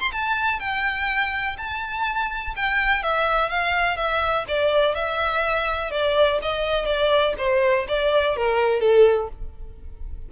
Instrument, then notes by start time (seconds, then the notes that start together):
violin
0.00 C6
0.13 A5
0.60 G5
1.58 A5
2.57 G5
3.03 E5
3.50 F5
3.97 E5
4.49 D5
4.95 E5
5.91 D5
6.42 D#5
6.86 D5
7.38 C5
7.88 D5
8.37 A#4
8.81 A4